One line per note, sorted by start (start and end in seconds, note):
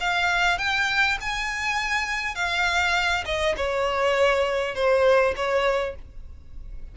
0.00 0.58 F5
0.58 1.17 G5
1.20 2.35 G#5
2.35 3.24 F5
3.25 3.55 D#5
3.57 4.75 C#5
4.75 5.34 C5
5.36 5.95 C#5